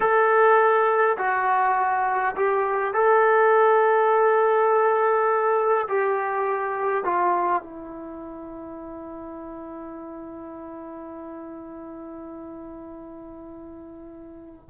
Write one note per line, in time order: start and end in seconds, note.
0.00 1.17 A4
1.17 2.35 F#4
2.36 2.93 G4
2.93 5.87 A4
5.88 7.04 G4
7.04 7.63 F4
7.63 14.68 E4